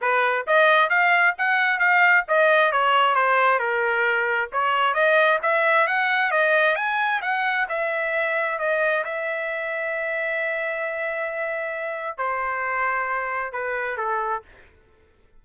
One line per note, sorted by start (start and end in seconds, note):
0.01 0.46 B4
0.46 0.89 D#5
0.89 1.34 F5
1.38 1.79 F#5
1.79 2.24 F5
2.28 2.71 D#5
2.71 3.15 C#5
3.15 3.59 C5
3.59 4.49 A#4
4.52 4.93 C#5
4.93 5.38 D#5
5.42 5.87 E5
5.87 6.31 F#5
6.31 6.75 D#5
6.75 7.20 G#5
7.21 7.67 F#5
7.68 8.58 E5
8.58 9.03 D#5
9.04 12.17 E5
12.17 13.52 C5
13.52 13.97 B4
13.97 14.42 A4